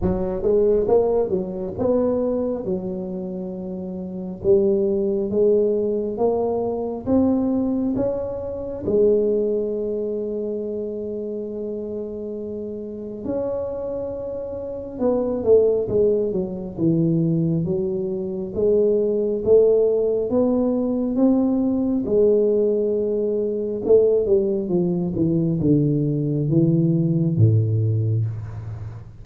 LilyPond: \new Staff \with { instrumentName = "tuba" } { \time 4/4 \tempo 4 = 68 fis8 gis8 ais8 fis8 b4 fis4~ | fis4 g4 gis4 ais4 | c'4 cis'4 gis2~ | gis2. cis'4~ |
cis'4 b8 a8 gis8 fis8 e4 | fis4 gis4 a4 b4 | c'4 gis2 a8 g8 | f8 e8 d4 e4 a,4 | }